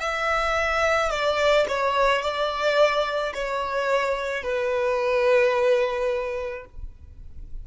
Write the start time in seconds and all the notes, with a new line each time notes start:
0.00 E5
1.11 D5
1.69 C#5
2.22 D5
3.34 C#5
4.43 B4